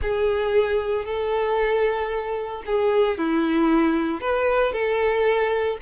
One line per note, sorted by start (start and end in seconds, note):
0.01 1.05 G#4
1.05 2.62 A4
2.66 3.17 G#4
3.17 4.20 E4
4.20 4.72 B4
4.72 5.78 A4